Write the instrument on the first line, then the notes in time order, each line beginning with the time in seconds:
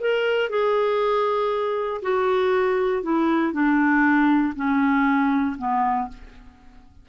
clarinet
0.00 A#4
0.50 G#4
2.02 F#4
3.03 E4
3.53 D4
4.56 C#4
5.58 B3